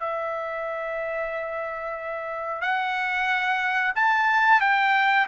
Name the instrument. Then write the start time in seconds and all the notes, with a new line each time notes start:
trumpet
0.00 E5
2.61 F#5
3.95 A5
4.61 G5